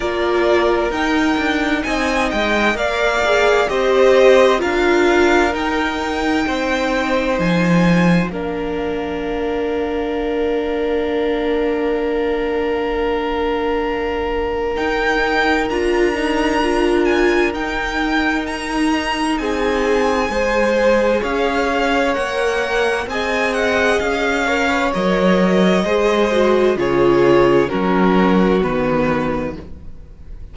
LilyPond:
<<
  \new Staff \with { instrumentName = "violin" } { \time 4/4 \tempo 4 = 65 d''4 g''4 gis''8 g''8 f''4 | dis''4 f''4 g''2 | gis''4 f''2.~ | f''1 |
g''4 ais''4. gis''8 g''4 | ais''4 gis''2 f''4 | fis''4 gis''8 fis''8 f''4 dis''4~ | dis''4 cis''4 ais'4 b'4 | }
  \new Staff \with { instrumentName = "violin" } { \time 4/4 ais'2 dis''4 d''4 | c''4 ais'2 c''4~ | c''4 ais'2.~ | ais'1~ |
ais'1~ | ais'4 gis'4 c''4 cis''4~ | cis''4 dis''4. cis''4. | c''4 gis'4 fis'2 | }
  \new Staff \with { instrumentName = "viola" } { \time 4/4 f'4 dis'2 ais'8 gis'8 | g'4 f'4 dis'2~ | dis'4 d'2.~ | d'1 |
dis'4 f'8 dis'8 f'4 dis'4~ | dis'2 gis'2 | ais'4 gis'4. ais'16 b'16 ais'4 | gis'8 fis'8 f'4 cis'4 b4 | }
  \new Staff \with { instrumentName = "cello" } { \time 4/4 ais4 dis'8 d'8 c'8 gis8 ais4 | c'4 d'4 dis'4 c'4 | f4 ais2.~ | ais1 |
dis'4 d'2 dis'4~ | dis'4 c'4 gis4 cis'4 | ais4 c'4 cis'4 fis4 | gis4 cis4 fis4 dis4 | }
>>